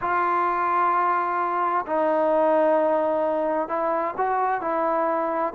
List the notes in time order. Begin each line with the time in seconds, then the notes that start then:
0.01 F4
1.86 D#4
3.68 E4
4.17 F#4
4.61 E4